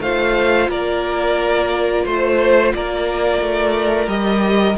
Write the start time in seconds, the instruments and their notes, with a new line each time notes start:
0.00 cello A3, viola F4, violin C5 F5
0.69 cello A#3, violin A#4 D5
2.05 cello A3, violin C5
2.74 cello A#3, violin A#4 D5
3.42 cello A3
4.07 cello G3, viola G4, violin D#5